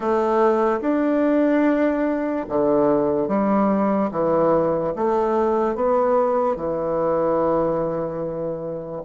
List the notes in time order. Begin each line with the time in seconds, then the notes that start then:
0.00 A3
0.81 D4
2.48 D3
3.28 G3
4.11 E3
4.95 A3
5.75 B3
6.55 E3